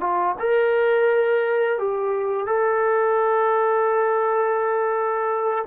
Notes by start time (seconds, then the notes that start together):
0.00 F4
0.39 A#4
1.78 G4
2.47 A4